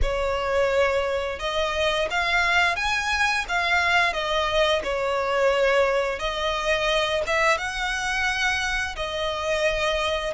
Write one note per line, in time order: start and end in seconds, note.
0.02 1.39 C#5
1.39 2.08 D#5
2.10 2.76 F5
2.76 3.45 G#5
3.48 4.13 F5
4.13 4.82 D#5
4.83 6.19 C#5
6.19 7.22 D#5
7.27 7.57 E5
7.57 8.95 F#5
8.96 10.34 D#5